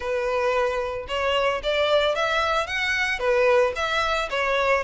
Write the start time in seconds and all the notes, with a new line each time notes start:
0.00 B4
1.08 C#5
1.63 D5
2.15 E5
2.66 F#5
3.19 B4
3.75 E5
4.30 C#5